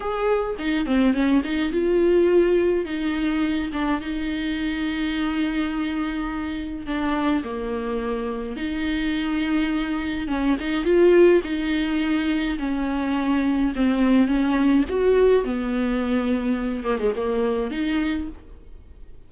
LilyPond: \new Staff \with { instrumentName = "viola" } { \time 4/4 \tempo 4 = 105 gis'4 dis'8 c'8 cis'8 dis'8 f'4~ | f'4 dis'4. d'8 dis'4~ | dis'1 | d'4 ais2 dis'4~ |
dis'2 cis'8 dis'8 f'4 | dis'2 cis'2 | c'4 cis'4 fis'4 b4~ | b4. ais16 gis16 ais4 dis'4 | }